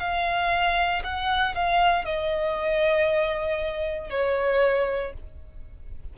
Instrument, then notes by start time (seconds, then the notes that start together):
violin
0.00 F5
1.04 F#5
1.55 F5
2.05 D#5
4.11 C#5